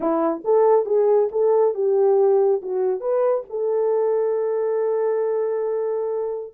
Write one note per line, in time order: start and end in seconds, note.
0.00 0.42 E4
0.44 0.85 A4
0.85 1.29 G#4
1.31 1.74 A4
1.74 2.61 G4
2.62 3.00 F#4
3.00 3.43 B4
3.49 6.54 A4